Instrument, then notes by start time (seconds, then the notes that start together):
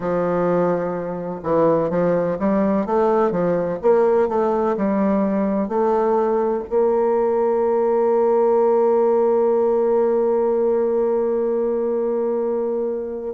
bassoon
0.00 F3
1.43 E3
1.90 F3
2.39 G3
2.86 A3
3.31 F3
3.82 A#3
4.28 A3
4.76 G3
5.68 A3
6.69 A#3